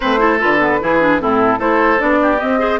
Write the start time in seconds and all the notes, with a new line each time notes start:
0.00 A3 C4 B4 C5
0.18 E4 A4
0.39 D3 F4 B4
0.59 B3
0.80 E3 E4 G#4
1.00 D4
1.20 A2 C4 E4 A4
1.58 A3 E4 A4 C5
1.98 B3 D4 D5
2.21 G4
2.39 C4 D#5
2.58 G#4 C5